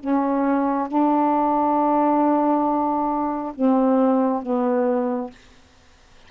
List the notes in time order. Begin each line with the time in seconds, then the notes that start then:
0.00 C#4
0.89 D4
3.55 C4
4.42 B3